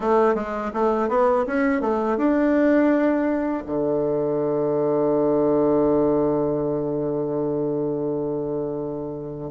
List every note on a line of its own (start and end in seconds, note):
0.00 0.35 A3
0.35 0.71 G#3
0.73 1.08 A3
1.08 1.45 B3
1.46 1.81 C#4
1.81 2.17 A3
2.17 3.63 D4
3.66 9.51 D3